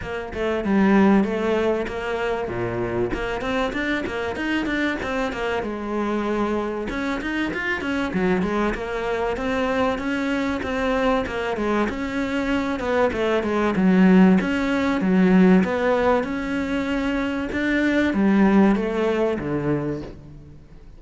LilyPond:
\new Staff \with { instrumentName = "cello" } { \time 4/4 \tempo 4 = 96 ais8 a8 g4 a4 ais4 | ais,4 ais8 c'8 d'8 ais8 dis'8 d'8 | c'8 ais8 gis2 cis'8 dis'8 | f'8 cis'8 fis8 gis8 ais4 c'4 |
cis'4 c'4 ais8 gis8 cis'4~ | cis'8 b8 a8 gis8 fis4 cis'4 | fis4 b4 cis'2 | d'4 g4 a4 d4 | }